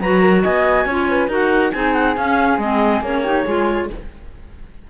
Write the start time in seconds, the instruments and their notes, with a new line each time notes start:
0.00 cello F#3, clarinet F#4 A#5, flute B4
0.21 flute A#4
0.43 cello B3, flute D#5, clarinet G#5
0.86 cello C#4, clarinet F4, flute C#5
1.10 flute B4
1.28 cello D#4, clarinet F#4 F#5, flute A#4
1.72 cello C4, clarinet D#4 G#5, flute G#4
1.93 clarinet F#5
2.17 cello C#4, clarinet C#4 F5
2.57 cello G#3, clarinet C4 D#5
3.01 cello A#3, clarinet C#4 C#5
3.22 clarinet D#4, flute G4
3.45 cello G#3, clarinet F4, flute G#4